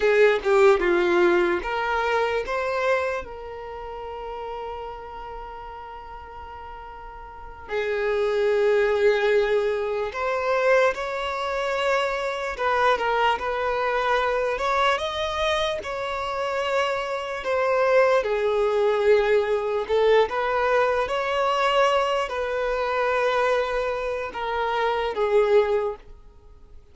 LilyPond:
\new Staff \with { instrumentName = "violin" } { \time 4/4 \tempo 4 = 74 gis'8 g'8 f'4 ais'4 c''4 | ais'1~ | ais'4. gis'2~ gis'8~ | gis'8 c''4 cis''2 b'8 |
ais'8 b'4. cis''8 dis''4 cis''8~ | cis''4. c''4 gis'4.~ | gis'8 a'8 b'4 cis''4. b'8~ | b'2 ais'4 gis'4 | }